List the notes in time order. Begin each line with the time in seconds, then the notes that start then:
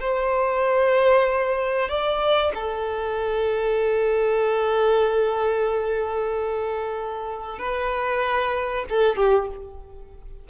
0.00 C5
1.89 D5
2.54 A4
7.58 B4
8.89 A4
9.16 G4